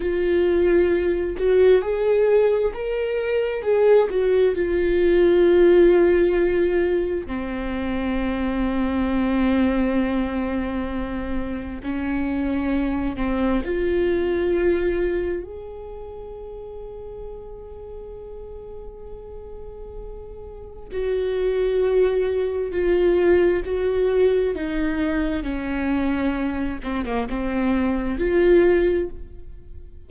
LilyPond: \new Staff \with { instrumentName = "viola" } { \time 4/4 \tempo 4 = 66 f'4. fis'8 gis'4 ais'4 | gis'8 fis'8 f'2. | c'1~ | c'4 cis'4. c'8 f'4~ |
f'4 gis'2.~ | gis'2. fis'4~ | fis'4 f'4 fis'4 dis'4 | cis'4. c'16 ais16 c'4 f'4 | }